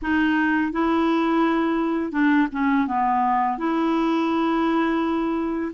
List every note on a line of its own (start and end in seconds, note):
0.02 0.72 D#4
0.72 2.11 E4
2.11 2.47 D4
2.52 2.87 C#4
2.87 3.57 B3
3.57 5.72 E4